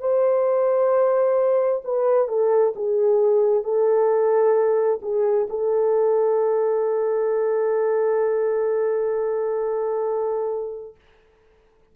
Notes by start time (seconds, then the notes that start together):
0.00 C5
1.84 B4
2.28 A4
2.76 G#4
3.64 A4
5.02 G#4
5.50 A4